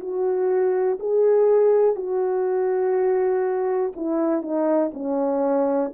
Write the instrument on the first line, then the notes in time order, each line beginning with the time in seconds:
horn
0.00 F#4
1.00 G#4
1.95 F#4
3.96 E4
4.42 D#4
4.94 C#4